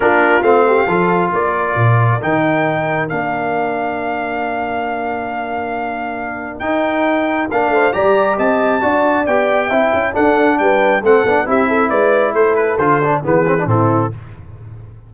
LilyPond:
<<
  \new Staff \with { instrumentName = "trumpet" } { \time 4/4 \tempo 4 = 136 ais'4 f''2 d''4~ | d''4 g''2 f''4~ | f''1~ | f''2. g''4~ |
g''4 f''4 ais''4 a''4~ | a''4 g''2 fis''4 | g''4 fis''4 e''4 d''4 | c''8 b'8 c''4 b'4 a'4 | }
  \new Staff \with { instrumentName = "horn" } { \time 4/4 f'4. g'8 a'4 ais'4~ | ais'1~ | ais'1~ | ais'1~ |
ais'4. c''8 d''4 dis''4 | d''2 e''4 a'4 | b'4 a'4 g'8 a'8 b'4 | a'2 gis'4 e'4 | }
  \new Staff \with { instrumentName = "trombone" } { \time 4/4 d'4 c'4 f'2~ | f'4 dis'2 d'4~ | d'1~ | d'2. dis'4~ |
dis'4 d'4 g'2 | fis'4 g'4 e'4 d'4~ | d'4 c'8 d'8 e'2~ | e'4 f'8 d'8 b8 c'16 d'16 c'4 | }
  \new Staff \with { instrumentName = "tuba" } { \time 4/4 ais4 a4 f4 ais4 | ais,4 dis2 ais4~ | ais1~ | ais2. dis'4~ |
dis'4 ais8 a8 g4 c'4 | d'4 b4 c'8 cis'8 d'4 | g4 a8 b8 c'4 gis4 | a4 d4 e4 a,4 | }
>>